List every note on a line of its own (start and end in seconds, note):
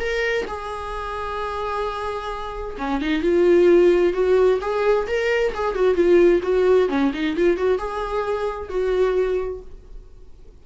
0.00 0.46 A#4
0.47 2.76 G#4
2.78 3.01 C#4
3.01 3.22 D#4
3.22 4.13 F4
4.13 4.59 F#4
4.61 5.07 G#4
5.07 5.53 A#4
5.55 5.75 G#4
5.75 5.95 F#4
5.95 6.41 F4
6.43 6.89 F#4
6.89 7.12 C#4
7.14 7.37 D#4
7.37 7.57 F4
7.57 7.79 F#4
7.79 8.70 G#4
8.70 9.61 F#4